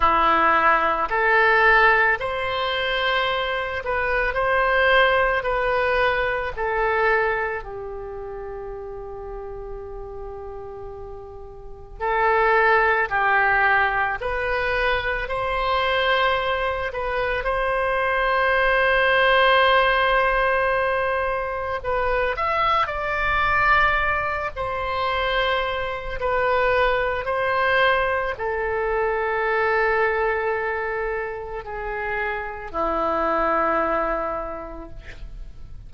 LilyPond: \new Staff \with { instrumentName = "oboe" } { \time 4/4 \tempo 4 = 55 e'4 a'4 c''4. b'8 | c''4 b'4 a'4 g'4~ | g'2. a'4 | g'4 b'4 c''4. b'8 |
c''1 | b'8 e''8 d''4. c''4. | b'4 c''4 a'2~ | a'4 gis'4 e'2 | }